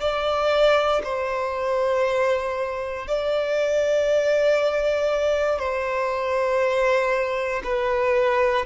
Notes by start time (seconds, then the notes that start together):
0.00 D5
1.04 C5
3.07 D5
5.59 C5
7.64 B4